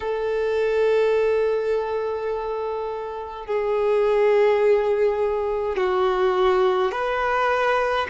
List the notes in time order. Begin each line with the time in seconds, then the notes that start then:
0.00 A4
3.46 G#4
5.76 F#4
6.91 B4